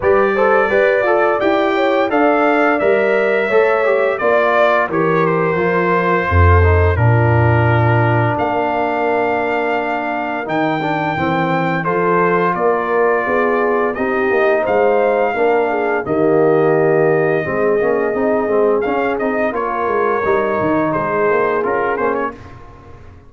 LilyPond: <<
  \new Staff \with { instrumentName = "trumpet" } { \time 4/4 \tempo 4 = 86 d''2 g''4 f''4 | e''2 d''4 cis''8 c''8~ | c''2 ais'2 | f''2. g''4~ |
g''4 c''4 d''2 | dis''4 f''2 dis''4~ | dis''2. f''8 dis''8 | cis''2 c''4 ais'8 c''16 cis''16 | }
  \new Staff \with { instrumentName = "horn" } { \time 4/4 b'8 c''8 d''4. cis''8 d''4~ | d''4 cis''4 d''4 ais'4~ | ais'4 a'4 f'2 | ais'1~ |
ais'4 a'4 ais'4 gis'4 | g'4 c''4 ais'8 gis'8 g'4~ | g'4 gis'2. | ais'2 gis'2 | }
  \new Staff \with { instrumentName = "trombone" } { \time 4/4 g'8 a'8 b'8 a'8 g'4 a'4 | ais'4 a'8 g'8 f'4 g'4 | f'4. dis'8 d'2~ | d'2. dis'8 d'8 |
c'4 f'2. | dis'2 d'4 ais4~ | ais4 c'8 cis'8 dis'8 c'8 cis'8 dis'8 | f'4 dis'2 f'8 cis'8 | }
  \new Staff \with { instrumentName = "tuba" } { \time 4/4 g4 g'8 f'8 e'4 d'4 | g4 a4 ais4 e4 | f4 f,4 ais,2 | ais2. dis4 |
e4 f4 ais4 b4 | c'8 ais8 gis4 ais4 dis4~ | dis4 gis8 ais8 c'8 gis8 cis'8 c'8 | ais8 gis8 g8 dis8 gis8 ais8 cis'8 ais8 | }
>>